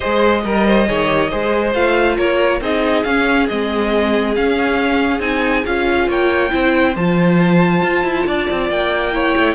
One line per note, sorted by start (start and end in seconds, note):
0.00 0.44 G#3
0.00 0.44 G#4
0.00 0.42 C5
0.00 1.73 D#5
0.44 0.88 G3
0.44 0.86 A#4
0.44 0.66 A#4
0.66 0.87 C5
0.86 1.32 D#3
0.86 1.06 G#4
0.86 1.30 C#5
1.06 1.28 G4
1.30 1.74 G#3
1.30 1.74 G#4
1.30 2.16 C5
1.74 2.17 A3
1.74 2.61 F4
1.74 2.17 F5
2.16 2.60 A#3
2.16 2.60 A#4
2.16 2.61 C#5
2.60 3.04 C4
2.60 3.04 D#4
2.60 6.08 G#4
2.60 3.03 D#5
3.03 3.48 C#4
3.03 3.47 F5
3.48 4.37 G#3
3.48 4.35 C4
3.48 4.35 D#5
4.35 5.19 C#4
4.35 5.21 F5
5.19 5.63 C4
5.19 5.63 D#4
5.19 5.64 G#5
5.65 6.07 C#4
5.65 6.50 F4
5.65 6.09 F5
6.07 6.51 A#3
6.07 6.51 C#5
6.07 6.96 G5
6.50 6.96 C4
6.50 6.94 E4
6.50 8.26 C5
6.96 7.82 F3
6.96 9.12 F4
6.96 8.70 A5
7.82 8.03 F4
8.03 8.25 E4
8.26 8.48 D4
8.26 9.13 D5
8.50 8.69 C4
8.69 9.34 A#3
8.69 9.54 G5
9.12 9.54 E4
9.12 9.54 C#5
9.37 9.54 A3